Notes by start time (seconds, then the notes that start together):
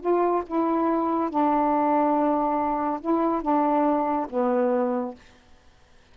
0.00 F4
0.46 E4
1.30 D4
3.01 E4
3.42 D4
4.29 B3